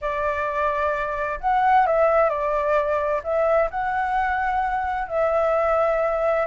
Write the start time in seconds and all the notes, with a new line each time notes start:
0.01 D5
1.40 F#5
1.86 E5
2.29 D5
3.23 E5
3.70 F#5
5.08 E5